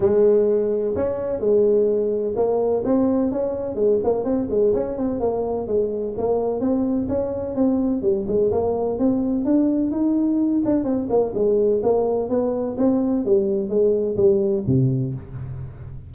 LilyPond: \new Staff \with { instrumentName = "tuba" } { \time 4/4 \tempo 4 = 127 gis2 cis'4 gis4~ | gis4 ais4 c'4 cis'4 | gis8 ais8 c'8 gis8 cis'8 c'8 ais4 | gis4 ais4 c'4 cis'4 |
c'4 g8 gis8 ais4 c'4 | d'4 dis'4. d'8 c'8 ais8 | gis4 ais4 b4 c'4 | g4 gis4 g4 c4 | }